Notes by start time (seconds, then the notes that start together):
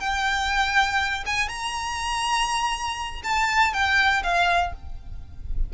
0.00 G5
1.26 G#5
1.48 A#5
3.24 A5
3.73 G5
4.23 F5